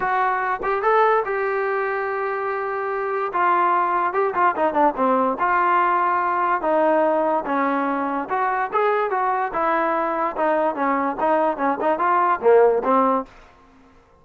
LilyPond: \new Staff \with { instrumentName = "trombone" } { \time 4/4 \tempo 4 = 145 fis'4. g'8 a'4 g'4~ | g'1 | f'2 g'8 f'8 dis'8 d'8 | c'4 f'2. |
dis'2 cis'2 | fis'4 gis'4 fis'4 e'4~ | e'4 dis'4 cis'4 dis'4 | cis'8 dis'8 f'4 ais4 c'4 | }